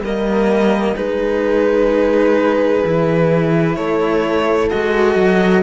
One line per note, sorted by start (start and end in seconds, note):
0.00 0.94 G3
0.00 0.96 A#3
0.00 0.96 A#4
0.00 0.96 D#5
0.96 2.84 G#3
0.96 2.83 D#4
0.96 3.77 G#4
0.96 3.75 B4
2.84 3.77 E3
2.84 4.70 E4
3.75 4.71 A3
3.75 5.63 A4
3.75 4.69 C#5
4.70 5.15 G#3
4.70 5.63 F#4
4.70 5.63 D#5
5.15 5.62 F#3